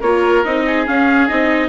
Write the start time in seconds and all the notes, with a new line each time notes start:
0.00 A#3 F4 A#4 C#5
0.45 C4 D#4 D#5
0.66 G#4
0.86 C#4 F5
1.28 C4 D#4 D#5